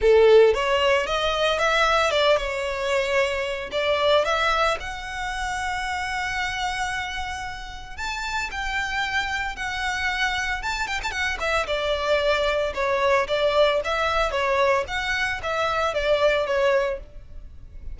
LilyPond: \new Staff \with { instrumentName = "violin" } { \time 4/4 \tempo 4 = 113 a'4 cis''4 dis''4 e''4 | d''8 cis''2~ cis''8 d''4 | e''4 fis''2.~ | fis''2. a''4 |
g''2 fis''2 | a''8 g''16 a''16 fis''8 e''8 d''2 | cis''4 d''4 e''4 cis''4 | fis''4 e''4 d''4 cis''4 | }